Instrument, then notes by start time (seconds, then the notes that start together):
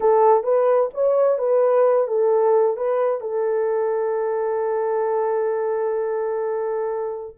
horn
0.00 A4
0.43 B4
0.94 C#5
1.38 B4
2.07 A4
2.77 B4
3.21 A4